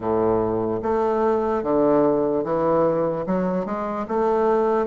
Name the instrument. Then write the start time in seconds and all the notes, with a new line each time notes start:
bassoon
0.00 A2
0.82 A3
1.63 D3
2.44 E3
3.26 F#3
3.65 G#3
4.08 A3